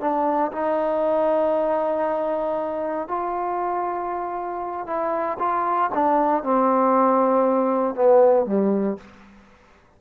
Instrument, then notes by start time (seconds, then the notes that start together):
trombone
0.00 D4
0.51 D#4
3.08 F4
4.86 E4
5.39 F4
5.94 D4
6.43 C4
7.95 B3
8.46 G3